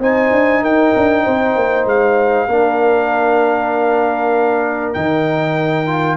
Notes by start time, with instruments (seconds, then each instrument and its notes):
0.00 tuba C4, trombone D#4, horn C5, trumpet G#5
0.32 tuba D4
0.62 tuba D#4, horn A#4, trumpet G5
0.96 tuba D4
1.24 tuba C4, horn C5
1.56 tuba A#3
1.86 tuba G#3, trumpet F5
2.48 tuba A#3, trombone D4, horn A#4
4.94 tuba D#3, trombone D#4, trumpet G5
5.87 trombone F4